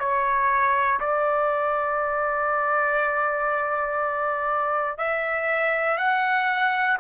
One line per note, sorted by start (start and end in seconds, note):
0.00 1.00 C#5
1.00 4.99 D5
4.99 5.98 E5
5.98 6.98 F#5